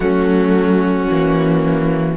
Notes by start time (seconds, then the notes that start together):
0.00 F#3 A3 C#4 F#4
1.10 E3 A#3